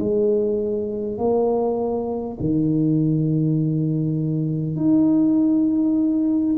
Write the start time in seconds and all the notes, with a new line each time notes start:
0.00 G#3
1.18 A#3
2.41 D#3
4.76 D#4